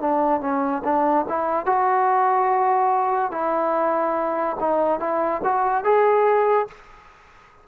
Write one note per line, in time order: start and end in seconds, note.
0.00 0.41 D4
0.41 0.83 C#4
0.84 1.26 D4
1.28 1.66 E4
1.66 3.31 F#4
3.31 4.56 E4
4.60 5.00 D#4
5.00 5.42 E4
5.44 5.84 F#4
5.84 6.67 G#4